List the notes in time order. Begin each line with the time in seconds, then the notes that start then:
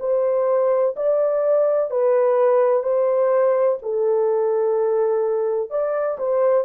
0.00 C5
0.97 D5
1.91 B4
2.83 C5
3.82 A4
5.71 D5
6.19 C5